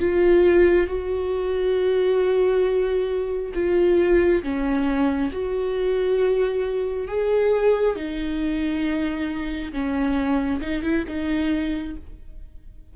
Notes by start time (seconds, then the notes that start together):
0.00 F4
0.88 F#4
3.55 F4
4.43 C#4
5.32 F#4
7.08 G#4
7.96 D#4
9.73 C#4
10.61 D#4
10.83 E4
11.08 D#4